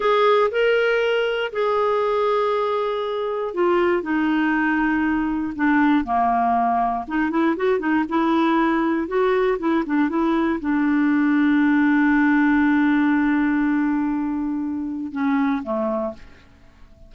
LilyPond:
\new Staff \with { instrumentName = "clarinet" } { \time 4/4 \tempo 4 = 119 gis'4 ais'2 gis'4~ | gis'2. f'4 | dis'2. d'4 | ais2 dis'8 e'8 fis'8 dis'8 |
e'2 fis'4 e'8 d'8 | e'4 d'2.~ | d'1~ | d'2 cis'4 a4 | }